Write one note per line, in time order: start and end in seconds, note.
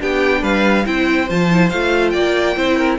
0.00 0.42 B3
0.00 0.85 D4
0.00 0.42 G4
0.00 0.44 G5
0.42 0.85 G3
0.42 0.84 B4
0.42 0.86 F5
0.85 1.29 C4
0.85 1.27 E4
0.85 2.13 C5
0.85 1.29 G5
1.28 1.72 F3
1.28 1.50 F4
1.28 1.69 A5
1.51 1.72 E4
1.69 2.14 A3
1.69 2.56 F4
1.69 2.10 F5
2.10 2.56 A#3
2.10 2.56 D5
2.10 2.95 G5
2.56 2.99 C4
2.56 2.99 E4
2.56 2.76 C5
2.76 2.98 A#4